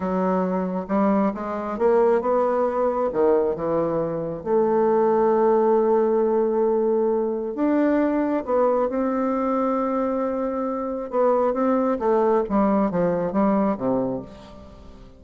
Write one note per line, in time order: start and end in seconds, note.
0.00 0.86 F#3
0.87 1.32 G3
1.34 1.78 G#3
1.78 2.21 A#3
2.21 3.10 B3
3.12 3.55 D#3
3.55 4.43 E3
4.43 7.54 A3
7.55 8.43 D4
8.45 8.89 B3
8.89 11.10 C4
11.10 11.53 B3
11.53 11.98 C4
11.99 12.43 A3
12.49 12.90 G3
12.90 13.32 F3
13.32 13.76 G3
13.77 14.21 C3